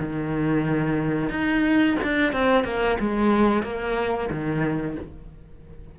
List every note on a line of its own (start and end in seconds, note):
0.00 1.30 D#3
1.30 1.96 D#4
2.04 2.33 D4
2.33 2.65 C4
2.65 2.98 A#3
3.00 3.63 G#3
3.63 4.30 A#3
4.31 4.97 D#3